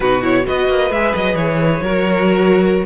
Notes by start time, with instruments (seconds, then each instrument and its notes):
0.00 cello B2, viola D#4, violin F#4 B4
0.22 viola E4, violin C#5
0.44 cello B3, viola F#4, violin B4 D#5
0.68 cello A#3
0.90 cello G#3, viola G#4, violin E5
1.15 cello F#3, violin D#5
1.34 cello E3, violin C#5
1.81 cello F#3, viola F#4, violin A#4